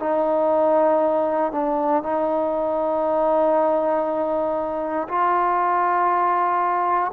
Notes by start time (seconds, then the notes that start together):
0.00 D#4
1.52 D4
2.03 D#4
5.08 F4